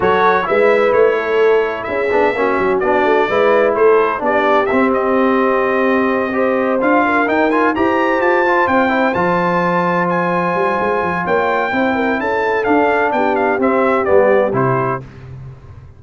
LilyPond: <<
  \new Staff \with { instrumentName = "trumpet" } { \time 4/4 \tempo 4 = 128 cis''4 e''4 cis''2 | e''2 d''2 | c''4 d''4 e''8 dis''4.~ | dis''2~ dis''8 f''4 g''8 |
gis''8 ais''4 a''4 g''4 a''8~ | a''4. gis''2~ gis''8 | g''2 a''4 f''4 | g''8 f''8 e''4 d''4 c''4 | }
  \new Staff \with { instrumentName = "horn" } { \time 4/4 a'4 b'4. a'4. | gis'4 fis'2 b'4 | a'4 g'2.~ | g'4. c''4. ais'4~ |
ais'8 c''2.~ c''8~ | c''1 | cis''4 c''8 ais'8 a'2 | g'1 | }
  \new Staff \with { instrumentName = "trombone" } { \time 4/4 fis'4 e'2.~ | e'8 d'8 cis'4 d'4 e'4~ | e'4 d'4 c'2~ | c'4. g'4 f'4 dis'8 |
f'8 g'4. f'4 e'8 f'8~ | f'1~ | f'4 e'2 d'4~ | d'4 c'4 b4 e'4 | }
  \new Staff \with { instrumentName = "tuba" } { \time 4/4 fis4 gis4 a2 | cis'8 b8 ais8 fis8 b8 a8 gis4 | a4 b4 c'2~ | c'2~ c'8 d'4 dis'8~ |
dis'8 e'4 f'4 c'4 f8~ | f2~ f8 g8 gis8 f8 | ais4 c'4 cis'4 d'4 | b4 c'4 g4 c4 | }
>>